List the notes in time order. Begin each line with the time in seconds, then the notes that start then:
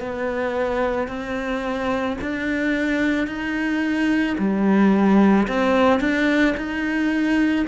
0.00 B3
1.08 C4
2.21 D4
3.27 D#4
4.38 G3
5.48 C4
6.00 D4
6.57 D#4